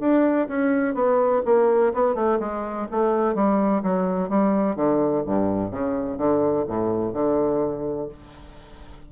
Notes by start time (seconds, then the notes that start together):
0.00 D4
0.48 C#4
0.94 B3
1.45 A#3
1.94 B3
2.15 A3
2.40 G#3
2.91 A3
3.35 G3
3.83 F#3
4.29 G3
4.76 D3
5.26 G2
5.71 C#3
6.18 D3
6.67 A2
7.13 D3